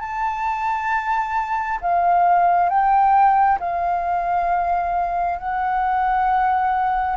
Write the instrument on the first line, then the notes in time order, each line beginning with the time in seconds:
flute
0.00 A5
1.81 F5
2.69 G5
3.59 F5
5.39 F#5